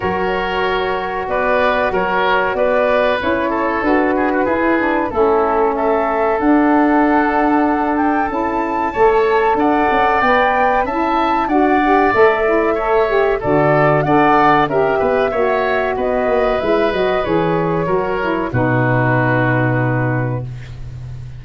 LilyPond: <<
  \new Staff \with { instrumentName = "flute" } { \time 4/4 \tempo 4 = 94 cis''2 d''4 cis''4 | d''4 cis''4 b'2 | a'4 e''4 fis''2~ | fis''8 g''8 a''2 fis''4 |
g''4 a''4 fis''4 e''4~ | e''4 d''4 fis''4 e''4~ | e''4 dis''4 e''8 dis''8 cis''4~ | cis''4 b'2. | }
  \new Staff \with { instrumentName = "oboe" } { \time 4/4 ais'2 b'4 ais'4 | b'4. a'4 gis'16 fis'16 gis'4 | e'4 a'2.~ | a'2 cis''4 d''4~ |
d''4 e''4 d''2 | cis''4 a'4 d''4 ais'8 b'8 | cis''4 b'2. | ais'4 fis'2. | }
  \new Staff \with { instrumentName = "saxophone" } { \time 4/4 fis'1~ | fis'4 e'4 fis'4 e'8 d'8 | cis'2 d'2~ | d'4 e'4 a'2 |
b'4 e'4 fis'8 g'8 a'8 e'8 | a'8 g'8 fis'4 a'4 g'4 | fis'2 e'8 fis'8 gis'4 | fis'8 e'8 dis'2. | }
  \new Staff \with { instrumentName = "tuba" } { \time 4/4 fis2 b4 fis4 | b4 cis'4 d'4 e'4 | a2 d'2~ | d'4 cis'4 a4 d'8 cis'8 |
b4 cis'4 d'4 a4~ | a4 d4 d'4 cis'8 b8 | ais4 b8 ais8 gis8 fis8 e4 | fis4 b,2. | }
>>